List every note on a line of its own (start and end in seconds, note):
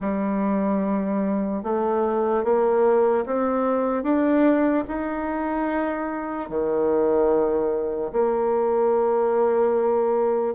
0.00 1.63 G3
1.63 2.43 A3
2.43 3.24 A#3
3.26 4.03 C4
4.03 4.84 D4
4.88 6.49 D#4
6.49 8.11 D#3
8.12 10.54 A#3